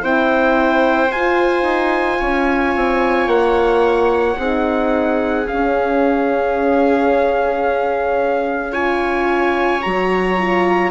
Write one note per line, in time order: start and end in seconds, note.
0.00 1.11 C4
0.00 1.09 E4
0.00 2.20 C5
0.00 1.12 G5
1.11 1.62 F4
1.11 4.39 F4
1.11 3.29 G#5
1.62 2.17 D#4
2.20 2.76 C#4
2.20 4.38 C#5
2.76 3.27 C4
3.27 4.37 A#3
3.27 5.47 F#5
4.38 5.47 C4
4.38 5.48 D#4
4.38 8.72 G#4
5.48 8.72 C#4
5.48 9.86 C#4
5.48 8.74 F5
8.72 9.82 F4
8.72 10.91 C#5
8.72 9.82 G#5
9.82 10.91 F#3
9.82 10.38 F#4
9.82 10.91 A#5
10.38 10.91 F4